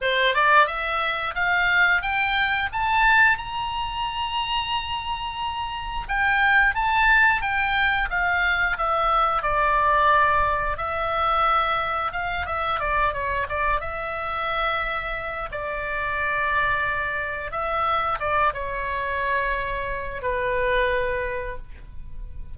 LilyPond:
\new Staff \with { instrumentName = "oboe" } { \time 4/4 \tempo 4 = 89 c''8 d''8 e''4 f''4 g''4 | a''4 ais''2.~ | ais''4 g''4 a''4 g''4 | f''4 e''4 d''2 |
e''2 f''8 e''8 d''8 cis''8 | d''8 e''2~ e''8 d''4~ | d''2 e''4 d''8 cis''8~ | cis''2 b'2 | }